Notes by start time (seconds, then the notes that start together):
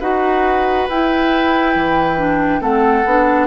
0.00 D#4 F#4 B4 F#5
0.89 E4 G5
1.76 E3
2.18 D4
2.61 A3 C4 A4 F#5
3.05 B3 D4